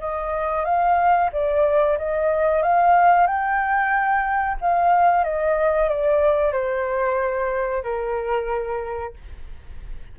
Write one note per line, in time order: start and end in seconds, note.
0.00 0.65 D#5
0.65 1.30 F5
1.33 1.98 D5
1.98 2.62 D#5
2.62 3.27 F5
3.27 4.57 G5
4.61 5.24 F5
5.24 5.89 D#5
5.89 6.53 D5
6.53 7.83 C5
7.83 9.14 A#4